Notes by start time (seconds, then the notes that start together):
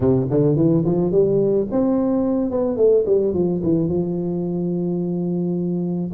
0.00 C3
0.30 D3
0.56 E3
0.85 F3
1.11 G3
1.71 C4
2.51 B3
2.76 A3
3.06 G3
3.33 F3
3.63 E3
3.88 F3